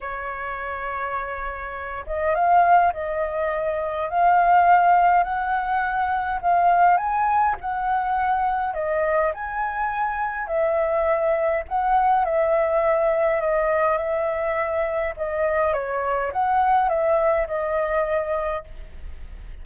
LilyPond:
\new Staff \with { instrumentName = "flute" } { \time 4/4 \tempo 4 = 103 cis''2.~ cis''8 dis''8 | f''4 dis''2 f''4~ | f''4 fis''2 f''4 | gis''4 fis''2 dis''4 |
gis''2 e''2 | fis''4 e''2 dis''4 | e''2 dis''4 cis''4 | fis''4 e''4 dis''2 | }